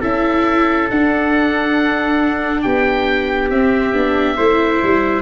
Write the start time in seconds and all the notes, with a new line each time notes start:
0.00 C#4 E4 A4 E5
0.90 D4 F#5
2.62 B3 G4 G5
3.50 C4 E5
3.93 B3 D4
4.36 A3 E4 C5
4.82 G3